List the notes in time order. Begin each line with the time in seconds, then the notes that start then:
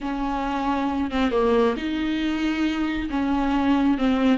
0.01 C#4
1.10 C4
1.31 A#3
1.76 D#4
3.10 C#4
3.98 C4